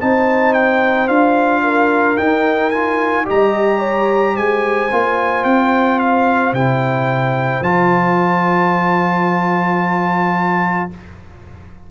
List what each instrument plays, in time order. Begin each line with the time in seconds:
0.00 tuba C4, trombone D#4, horn C5, trumpet A5
0.54 trumpet G5
1.08 tuba D4, trombone F4, trumpet F5
1.64 horn A#4
2.17 trombone D#4, tuba D#4, trumpet G5
2.70 trombone F4, trumpet G#5
3.25 tuba G3, trombone G4, horn D#5, trumpet A#5
3.79 horn C#5
4.33 tuba G#3, horn C5, trumpet G#5
4.91 tuba A#3, trombone F4
5.45 tuba C4, trumpet G5
5.99 trumpet F5
6.53 tuba C3, trombone E4, trumpet G5
7.62 tuba F3, trombone F4, trumpet A5